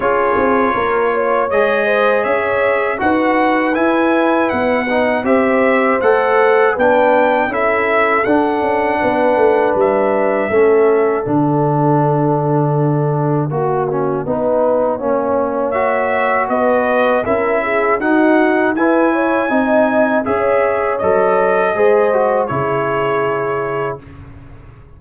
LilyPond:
<<
  \new Staff \with { instrumentName = "trumpet" } { \time 4/4 \tempo 4 = 80 cis''2 dis''4 e''4 | fis''4 gis''4 fis''4 e''4 | fis''4 g''4 e''4 fis''4~ | fis''4 e''2 fis''4~ |
fis''1~ | fis''4 e''4 dis''4 e''4 | fis''4 gis''2 e''4 | dis''2 cis''2 | }
  \new Staff \with { instrumentName = "horn" } { \time 4/4 gis'4 ais'8 cis''4 c''8 cis''4 | b'2. c''4~ | c''4 b'4 a'2 | b'2 a'2~ |
a'2 fis'4 b'4 | cis''2 b'4 ais'8 gis'8 | fis'4 b'8 cis''8 dis''4 cis''4~ | cis''4 c''4 gis'2 | }
  \new Staff \with { instrumentName = "trombone" } { \time 4/4 f'2 gis'2 | fis'4 e'4. dis'8 g'4 | a'4 d'4 e'4 d'4~ | d'2 cis'4 d'4~ |
d'2 fis'8 cis'8 dis'4 | cis'4 fis'2 e'4 | dis'4 e'4 dis'4 gis'4 | a'4 gis'8 fis'8 e'2 | }
  \new Staff \with { instrumentName = "tuba" } { \time 4/4 cis'8 c'8 ais4 gis4 cis'4 | dis'4 e'4 b4 c'4 | a4 b4 cis'4 d'8 cis'8 | b8 a8 g4 a4 d4~ |
d2 ais4 b4 | ais2 b4 cis'4 | dis'4 e'4 c'4 cis'4 | fis4 gis4 cis2 | }
>>